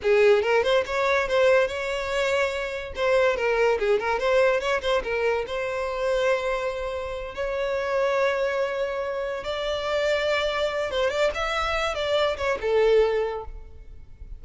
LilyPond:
\new Staff \with { instrumentName = "violin" } { \time 4/4 \tempo 4 = 143 gis'4 ais'8 c''8 cis''4 c''4 | cis''2. c''4 | ais'4 gis'8 ais'8 c''4 cis''8 c''8 | ais'4 c''2.~ |
c''4. cis''2~ cis''8~ | cis''2~ cis''8 d''4.~ | d''2 c''8 d''8 e''4~ | e''8 d''4 cis''8 a'2 | }